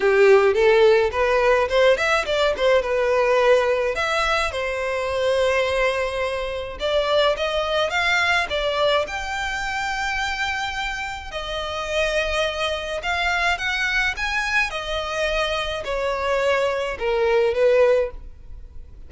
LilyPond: \new Staff \with { instrumentName = "violin" } { \time 4/4 \tempo 4 = 106 g'4 a'4 b'4 c''8 e''8 | d''8 c''8 b'2 e''4 | c''1 | d''4 dis''4 f''4 d''4 |
g''1 | dis''2. f''4 | fis''4 gis''4 dis''2 | cis''2 ais'4 b'4 | }